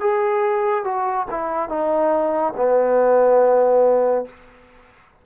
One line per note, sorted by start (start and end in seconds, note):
0.00 0.84 G#4
0.84 1.26 F#4
1.31 1.69 E4
1.69 2.54 D#4
2.57 4.26 B3